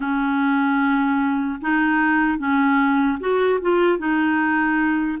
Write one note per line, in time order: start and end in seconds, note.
0.00 1.60 C#4
1.61 2.38 D#4
2.38 3.18 C#4
3.20 3.60 F#4
3.61 3.98 F4
3.98 5.18 D#4